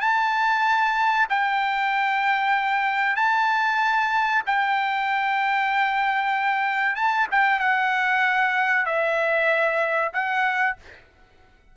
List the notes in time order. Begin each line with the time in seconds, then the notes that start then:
0.00 A5
1.29 G5
3.16 A5
4.46 G5
6.95 A5
7.31 G5
7.59 F#5
8.85 E5
10.13 F#5